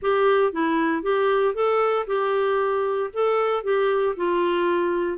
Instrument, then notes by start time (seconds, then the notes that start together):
clarinet
0.01 G4
0.52 E4
1.03 G4
1.54 A4
2.07 G4
3.13 A4
3.63 G4
4.16 F4